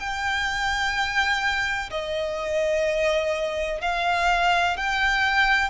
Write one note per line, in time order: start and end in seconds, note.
0.00 1.90 G5
1.91 3.81 D#5
3.82 4.77 F5
4.77 5.70 G5